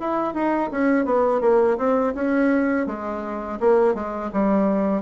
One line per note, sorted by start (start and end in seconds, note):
0.00 0.34 E4
0.34 0.70 D#4
0.71 1.05 C#4
1.05 1.41 B3
1.41 1.77 A#3
1.78 2.14 C4
2.15 2.87 C#4
2.87 3.59 G#3
3.60 3.94 A#3
3.94 4.30 G#3
4.33 5.02 G3